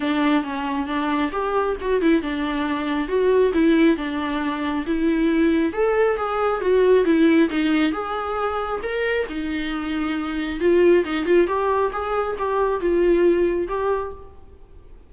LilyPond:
\new Staff \with { instrumentName = "viola" } { \time 4/4 \tempo 4 = 136 d'4 cis'4 d'4 g'4 | fis'8 e'8 d'2 fis'4 | e'4 d'2 e'4~ | e'4 a'4 gis'4 fis'4 |
e'4 dis'4 gis'2 | ais'4 dis'2. | f'4 dis'8 f'8 g'4 gis'4 | g'4 f'2 g'4 | }